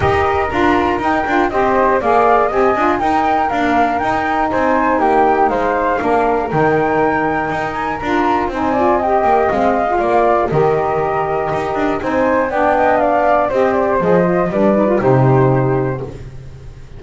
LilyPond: <<
  \new Staff \with { instrumentName = "flute" } { \time 4/4 \tempo 4 = 120 dis''4 ais''4 g''4 dis''4 | f''4 gis''4 g''4 f''4 | g''4 gis''4 g''4 f''4~ | f''4 g''2~ g''8 gis''8 |
ais''4 gis''4 g''4 f''4~ | f''4 dis''2. | gis''4 g''4 f''4 dis''8 d''8 | dis''4 d''4 c''2 | }
  \new Staff \with { instrumentName = "flute" } { \time 4/4 ais'2. c''4 | d''4 dis''4 ais'2~ | ais'4 c''4 g'4 c''4 | ais'1~ |
ais'4 c''8 d''8 dis''2 | d''4 ais'2. | c''4 d''8 dis''8 d''4 c''4~ | c''4 b'4 g'2 | }
  \new Staff \with { instrumentName = "saxophone" } { \time 4/4 g'4 f'4 dis'8 f'8 g'4 | gis'4 g'8 f'8 dis'4 ais4 | dis'1 | d'4 dis'2. |
f'4 dis'8 f'8 g'4 c'8. f'16~ | f'4 g'2. | dis'4 d'2 g'4 | gis'8 f'8 d'8 dis'16 f'16 dis'2 | }
  \new Staff \with { instrumentName = "double bass" } { \time 4/4 dis'4 d'4 dis'8 d'8 c'4 | ais4 c'8 d'8 dis'4 d'4 | dis'4 c'4 ais4 gis4 | ais4 dis2 dis'4 |
d'4 c'4. ais8 gis4 | ais4 dis2 dis'8 d'8 | c'4 b2 c'4 | f4 g4 c2 | }
>>